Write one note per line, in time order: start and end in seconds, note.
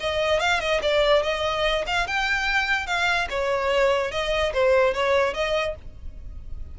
0.00 0.39 D#5
0.39 0.60 F5
0.60 0.81 D#5
0.82 1.22 D5
1.22 1.85 D#5
1.86 2.07 F5
2.07 2.86 G5
2.86 3.28 F5
3.30 4.11 C#5
4.11 4.52 D#5
4.53 4.94 C5
4.94 5.33 C#5
5.33 5.75 D#5